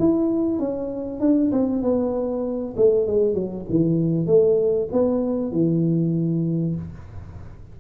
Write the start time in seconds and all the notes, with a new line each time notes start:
0.00 E4
0.59 C#4
1.21 D4
1.52 C4
1.83 B3
2.77 A3
3.08 G#3
3.35 F#3
3.70 E3
4.27 A3
4.93 B3
5.52 E3